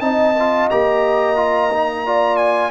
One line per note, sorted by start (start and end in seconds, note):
0.00 0.68 C4
0.00 0.34 D#4
0.00 2.05 D#5
0.00 0.68 A5
0.39 0.71 F4
0.70 2.71 A#3
0.70 1.36 G4
0.70 2.37 A#5
1.36 1.69 F4
1.72 2.06 D#4
2.06 2.71 F4
2.06 2.71 D5
2.37 2.70 G#5